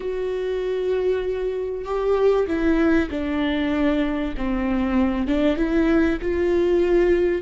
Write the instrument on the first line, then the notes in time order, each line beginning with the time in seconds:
viola
0.00 F#4
1.84 G4
2.47 E4
3.10 D4
4.37 C4
5.27 D4
5.56 E4
6.21 F4